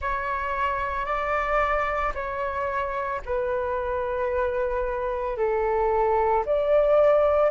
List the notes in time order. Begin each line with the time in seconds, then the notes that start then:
0.01 C#5
1.05 D5
2.14 C#5
3.25 B4
5.37 A4
6.45 D5